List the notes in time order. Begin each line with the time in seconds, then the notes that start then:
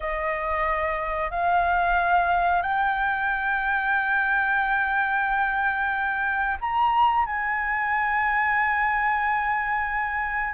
0.00 D#5
1.30 F5
2.62 G5
6.60 A#5
7.25 G#5